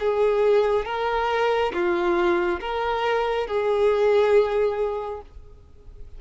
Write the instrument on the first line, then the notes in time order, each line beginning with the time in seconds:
violin
0.00 G#4
0.86 A#4
1.74 F4
2.60 A#4
3.47 G#4